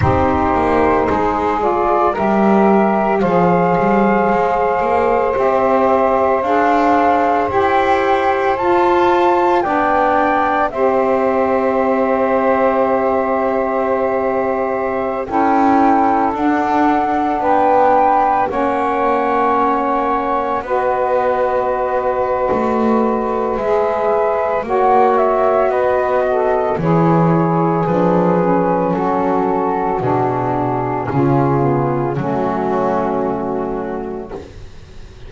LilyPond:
<<
  \new Staff \with { instrumentName = "flute" } { \time 4/4 \tempo 4 = 56 c''4. d''8 e''4 f''4~ | f''4 e''4 f''4 g''4 | a''4 g''4 e''2~ | e''2~ e''16 g''4 fis''8.~ |
fis''16 g''4 fis''2 dis''8.~ | dis''2 e''4 fis''8 e''8 | dis''4 cis''4 b'4 a'4 | gis'2 fis'2 | }
  \new Staff \with { instrumentName = "saxophone" } { \time 4/4 g'4 gis'4 ais'4 c''4~ | c''1~ | c''4 d''4 c''2~ | c''2~ c''16 a'4.~ a'16~ |
a'16 b'4 cis''2 b'8.~ | b'2. cis''4 | b'8 a'8 gis'2 fis'4~ | fis'4 f'4 cis'2 | }
  \new Staff \with { instrumentName = "saxophone" } { \time 4/4 dis'4. f'8 g'4 gis'4~ | gis'4 g'4 gis'4 g'4 | f'4 d'4 g'2~ | g'2~ g'16 e'4 d'8.~ |
d'4~ d'16 cis'2 fis'8.~ | fis'2 gis'4 fis'4~ | fis'4 e'4 d'8 cis'4. | d'4 cis'8 b8 a2 | }
  \new Staff \with { instrumentName = "double bass" } { \time 4/4 c'8 ais8 gis4 g4 f8 g8 | gis8 ais8 c'4 d'4 e'4 | f'4 b4 c'2~ | c'2~ c'16 cis'4 d'8.~ |
d'16 b4 ais2 b8.~ | b4 a4 gis4 ais4 | b4 e4 f4 fis4 | b,4 cis4 fis2 | }
>>